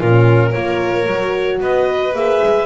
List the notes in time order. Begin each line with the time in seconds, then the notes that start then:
0.00 A#2 C#4 F4 A#4
0.50 A#3 F4 A#4 C#5
1.07 F#3 F#4
1.60 B3 B4 D#5
2.13 A#3 G#4 E5
2.43 G#3